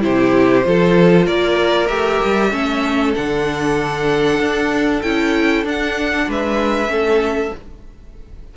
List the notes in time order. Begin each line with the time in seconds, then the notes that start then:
0.00 C3 E4 G4 C5
0.63 F3 F4 A4
1.26 A#3 A#4 D5
1.87 A3 G4 E5
2.24 G3
2.51 A3 C#4 A4
3.15 D3 D4 F#5
4.40 D4
5.02 C#4 E4 G5
5.64 D4 F#5
6.28 G#3 B4 E5
6.87 A3 C#4 A4